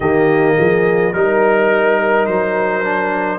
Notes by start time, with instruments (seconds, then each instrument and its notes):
0.00 tuba D#3, trombone A#3, horn G4, trumpet D#5
0.57 tuba F3, horn G#4
1.13 tuba G3, trombone D#4, horn A#4, trumpet A#4
2.26 tuba F#3, trumpet C5
2.83 trombone D4